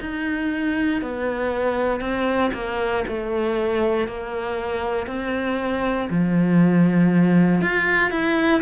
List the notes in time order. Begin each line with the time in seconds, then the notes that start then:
0.00 D#4
1.02 B3
2.00 C4
2.53 A#3
3.07 A3
4.07 A#3
5.07 C4
6.10 F3
7.61 F4
8.11 E4